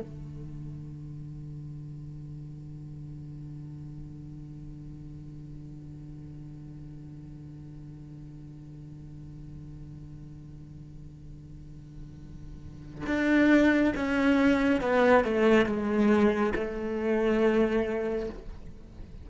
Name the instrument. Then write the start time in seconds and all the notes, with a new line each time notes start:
cello
0.00 D3
13.06 D4
13.95 C#4
14.81 B3
15.24 A3
15.66 G#3
16.55 A3